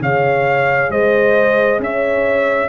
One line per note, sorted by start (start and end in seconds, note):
0.00 0.89 C#3
0.00 2.68 G#4
0.00 0.91 C#5
0.00 0.90 F5
0.89 1.79 G#3
0.89 1.80 C5
0.89 1.80 D#5
1.79 2.68 C#4
1.79 2.68 C#5
1.79 2.68 E5